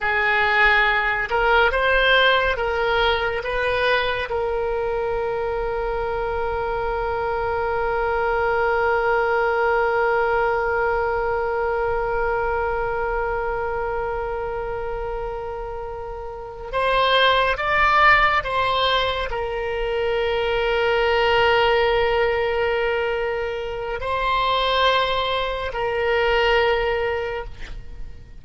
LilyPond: \new Staff \with { instrumentName = "oboe" } { \time 4/4 \tempo 4 = 70 gis'4. ais'8 c''4 ais'4 | b'4 ais'2.~ | ais'1~ | ais'1~ |
ais'2.~ ais'8 c''8~ | c''8 d''4 c''4 ais'4.~ | ais'1 | c''2 ais'2 | }